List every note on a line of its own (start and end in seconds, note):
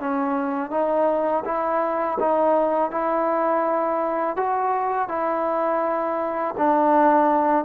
0.00 0.71 C#4
0.71 1.44 D#4
1.45 2.19 E4
2.20 2.91 D#4
2.91 4.37 E4
4.37 5.09 F#4
5.09 6.55 E4
6.58 7.65 D4